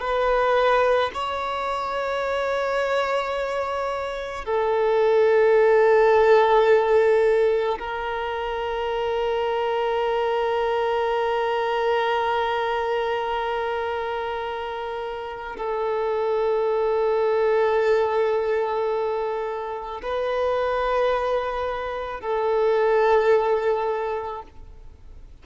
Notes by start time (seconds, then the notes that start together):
0.00 B4
1.14 C#5
4.45 A4
7.79 A#4
15.57 A4
20.03 B4
22.20 A4